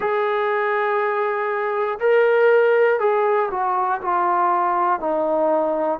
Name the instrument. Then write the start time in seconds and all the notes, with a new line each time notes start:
trombone
0.00 G#4
1.99 A#4
2.99 G#4
3.50 F#4
4.01 F4
5.00 D#4